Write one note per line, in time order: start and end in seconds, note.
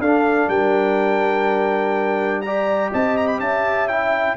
0.00 0.48 D4
0.00 2.46 D4
0.00 0.49 A4
0.00 0.50 F5
0.49 2.91 G3
0.49 2.43 A#4
0.49 2.42 G5
2.42 3.90 G4
2.42 2.91 D5
2.42 2.90 A#5
2.91 3.40 C4
2.91 3.40 D#5
2.91 3.17 A5
3.17 3.28 A#5
3.28 3.40 B5
3.40 4.37 C#4
3.40 4.38 E5
3.40 3.88 A5
3.88 4.38 E4
3.88 4.37 G5